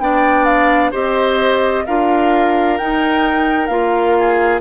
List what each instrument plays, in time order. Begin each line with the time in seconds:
0.00 bassoon B3, clarinet D4, oboe D5, flute G5
0.45 flute F5
0.92 bassoon C4, clarinet G4, oboe C5, flute D#5
1.86 bassoon D4, clarinet F4, oboe A#4, flute F5
2.78 bassoon D#4, clarinet D#4, flute G5
3.67 bassoon A#3, clarinet F4, flute F5
4.19 oboe G#4